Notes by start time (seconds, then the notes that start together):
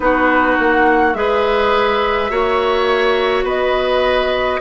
0.00 B3 D#4 F#4 B4
0.59 A#3 F#5
1.13 G#3 G#4 B4 E5
2.30 A#3 F#4 C#5
3.43 B3 B4 D#5